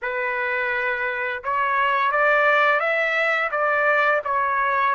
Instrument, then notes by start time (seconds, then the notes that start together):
trumpet
0.02 B4
1.43 C#5
2.11 D5
2.79 E5
3.51 D5
4.24 C#5